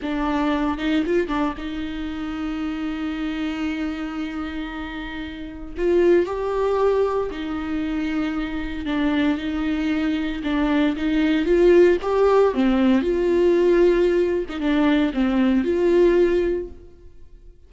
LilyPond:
\new Staff \with { instrumentName = "viola" } { \time 4/4 \tempo 4 = 115 d'4. dis'8 f'8 d'8 dis'4~ | dis'1~ | dis'2. f'4 | g'2 dis'2~ |
dis'4 d'4 dis'2 | d'4 dis'4 f'4 g'4 | c'4 f'2~ f'8. dis'16 | d'4 c'4 f'2 | }